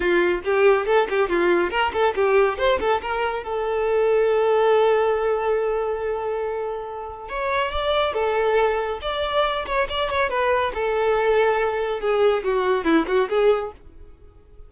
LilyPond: \new Staff \with { instrumentName = "violin" } { \time 4/4 \tempo 4 = 140 f'4 g'4 a'8 g'8 f'4 | ais'8 a'8 g'4 c''8 a'8 ais'4 | a'1~ | a'1~ |
a'4 cis''4 d''4 a'4~ | a'4 d''4. cis''8 d''8 cis''8 | b'4 a'2. | gis'4 fis'4 e'8 fis'8 gis'4 | }